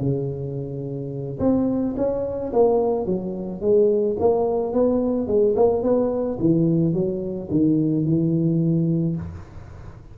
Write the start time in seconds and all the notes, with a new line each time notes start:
0.00 C#3
1.39 C4
1.97 C#4
2.53 A#3
3.06 F#3
3.61 G#3
4.19 A#3
4.73 B3
5.27 G#3
5.56 A#3
5.83 B3
6.39 E3
6.93 F#3
7.51 D#3
8.05 E3